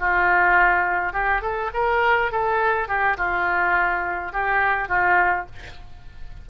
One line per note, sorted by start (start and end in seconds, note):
0.00 1.13 F4
1.13 1.42 G4
1.42 1.71 A4
1.74 2.32 A#4
2.32 2.88 A4
2.88 3.17 G4
3.18 4.33 F4
4.33 4.89 G4
4.89 5.46 F4